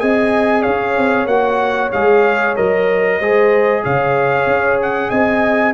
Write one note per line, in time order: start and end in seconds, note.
0.00 0.66 C4
0.00 1.28 G#4
0.00 0.62 D#5
0.00 0.63 G#5
0.62 0.98 C#4
0.62 3.18 C#5
0.62 1.27 F5
0.98 1.26 C4
1.26 1.90 A#3
1.26 1.93 F#4
1.26 1.91 F#5
1.92 2.58 G#3
1.92 2.57 G#4
1.92 2.56 F5
2.57 3.20 F#3
2.57 3.20 A#4
2.57 3.84 D#5
3.19 3.84 G#3
3.19 5.74 G#4
3.19 3.83 C5
3.84 4.47 C#3
3.84 5.10 C#5
3.84 4.80 F5
4.47 5.11 C#4
4.82 5.11 F#5
5.10 5.74 C4
5.10 5.74 D#5
5.10 5.74 G#5